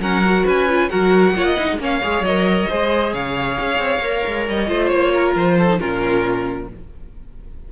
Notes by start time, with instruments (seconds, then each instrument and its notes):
0.00 cello F#3, viola C#4, violin A#4 F#5
0.24 viola F#4
0.45 cello C#4, violin B4 G#5
0.69 viola F4
0.90 cello F#3, viola F#4, violin A#4 F#5
1.35 cello A#3, viola F4, violin C#5
1.45 violin D#5
1.57 viola D#4, cello E4
1.72 cello G#3
1.79 cello A#3, viola C#4, violin C#5 F5
2.03 cello G#3, viola G#4
2.22 cello F#3, violin D#5
2.28 viola A#4
2.69 cello G#3, viola G#4, violin C5
3.14 cello C#3, violin C#5 F5
3.59 cello C#4
3.79 cello C4
3.99 cello A#3, viola A#4
4.27 cello G#3
4.49 cello G3, violin D#5
4.67 cello A3, viola F4, violin C5
4.88 cello A#3, violin C#5
5.14 violin A#4
5.35 cello F3, violin C5
5.58 violin A4
5.68 viola D#4
5.79 cello A#2, viola C#4, violin F4 A#4